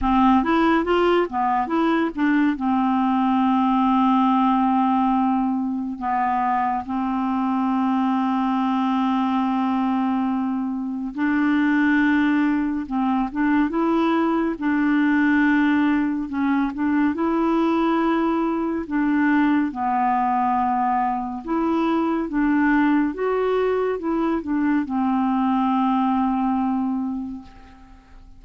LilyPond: \new Staff \with { instrumentName = "clarinet" } { \time 4/4 \tempo 4 = 70 c'8 e'8 f'8 b8 e'8 d'8 c'4~ | c'2. b4 | c'1~ | c'4 d'2 c'8 d'8 |
e'4 d'2 cis'8 d'8 | e'2 d'4 b4~ | b4 e'4 d'4 fis'4 | e'8 d'8 c'2. | }